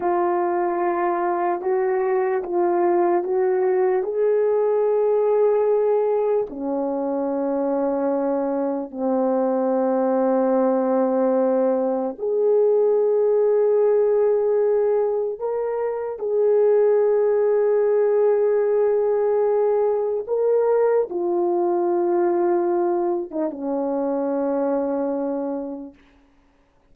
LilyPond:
\new Staff \with { instrumentName = "horn" } { \time 4/4 \tempo 4 = 74 f'2 fis'4 f'4 | fis'4 gis'2. | cis'2. c'4~ | c'2. gis'4~ |
gis'2. ais'4 | gis'1~ | gis'4 ais'4 f'2~ | f'8. dis'16 cis'2. | }